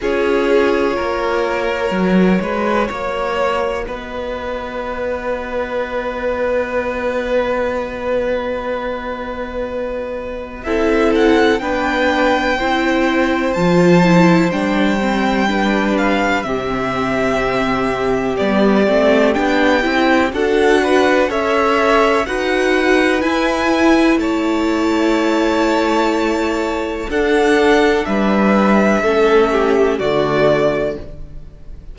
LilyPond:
<<
  \new Staff \with { instrumentName = "violin" } { \time 4/4 \tempo 4 = 62 cis''1 | dis''1~ | dis''2. e''8 fis''8 | g''2 a''4 g''4~ |
g''8 f''8 e''2 d''4 | g''4 fis''4 e''4 fis''4 | gis''4 a''2. | fis''4 e''2 d''4 | }
  \new Staff \with { instrumentName = "violin" } { \time 4/4 gis'4 ais'4. b'8 cis''4 | b'1~ | b'2. a'4 | b'4 c''2. |
b'4 g'2.~ | g'4 a'8 b'8 cis''4 b'4~ | b'4 cis''2. | a'4 b'4 a'8 g'8 fis'4 | }
  \new Staff \with { instrumentName = "viola" } { \time 4/4 f'2 fis'2~ | fis'1~ | fis'2. e'4 | d'4 e'4 f'8 e'8 d'8 c'8 |
d'4 c'2 b8 c'8 | d'8 e'8 fis'4 a'4 fis'4 | e'1 | d'2 cis'4 a4 | }
  \new Staff \with { instrumentName = "cello" } { \time 4/4 cis'4 ais4 fis8 gis8 ais4 | b1~ | b2. c'4 | b4 c'4 f4 g4~ |
g4 c2 g8 a8 | b8 c'8 d'4 cis'4 dis'4 | e'4 a2. | d'4 g4 a4 d4 | }
>>